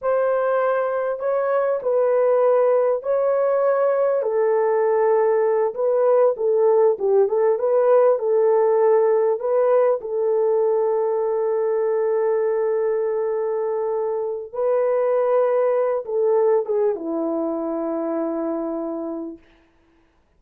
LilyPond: \new Staff \with { instrumentName = "horn" } { \time 4/4 \tempo 4 = 99 c''2 cis''4 b'4~ | b'4 cis''2 a'4~ | a'4. b'4 a'4 g'8 | a'8 b'4 a'2 b'8~ |
b'8 a'2.~ a'8~ | a'1 | b'2~ b'8 a'4 gis'8 | e'1 | }